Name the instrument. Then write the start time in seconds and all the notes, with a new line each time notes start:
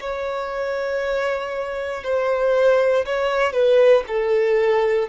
violin
0.00 C#5
2.03 C5
3.05 C#5
3.52 B4
4.07 A4